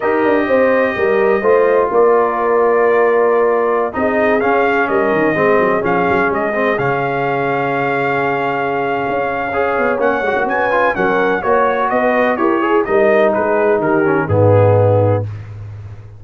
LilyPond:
<<
  \new Staff \with { instrumentName = "trumpet" } { \time 4/4 \tempo 4 = 126 dis''1 | d''1~ | d''16 dis''4 f''4 dis''4.~ dis''16~ | dis''16 f''4 dis''4 f''4.~ f''16~ |
f''1~ | f''4 fis''4 gis''4 fis''4 | cis''4 dis''4 cis''4 dis''4 | b'4 ais'4 gis'2 | }
  \new Staff \with { instrumentName = "horn" } { \time 4/4 ais'4 c''4 ais'4 c''4 | ais'1~ | ais'16 gis'2 ais'4 gis'8.~ | gis'1~ |
gis'1 | cis''2 b'4 ais'4 | cis''4 b'4 ais'8 gis'8 ais'4 | gis'4 g'4 dis'2 | }
  \new Staff \with { instrumentName = "trombone" } { \time 4/4 g'2. f'4~ | f'1~ | f'16 dis'4 cis'2 c'8.~ | c'16 cis'4. c'8 cis'4.~ cis'16~ |
cis'1 | gis'4 cis'8 fis'4 f'8 cis'4 | fis'2 g'8 gis'8 dis'4~ | dis'4. cis'8 b2 | }
  \new Staff \with { instrumentName = "tuba" } { \time 4/4 dis'8 d'8 c'4 g4 a4 | ais1~ | ais16 c'4 cis'4 g8 dis8 gis8 fis16~ | fis16 f8 fis8 gis4 cis4.~ cis16~ |
cis2. cis'4~ | cis'8 b8 ais8 gis16 ais16 cis'4 fis4 | ais4 b4 e'4 g4 | gis4 dis4 gis,2 | }
>>